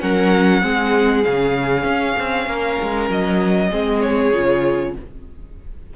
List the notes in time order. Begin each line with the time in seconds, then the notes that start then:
0.00 F#3 C#4 A#4 F#5
0.62 G#3 C4 G#4
1.24 C#3 C#4 F5
1.84 C#4
2.19 C4
2.47 A#3 A#4
2.82 G#3
3.10 F#3 D#5
3.70 G#3 C4 G#4
4.02 C#5
4.33 C#3 F4